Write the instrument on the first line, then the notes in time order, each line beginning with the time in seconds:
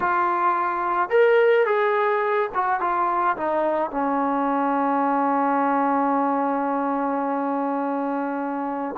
trombone
0.00 F4
1.09 A#4
1.65 G#4
2.54 F#4
2.80 F4
3.36 D#4
3.90 C#4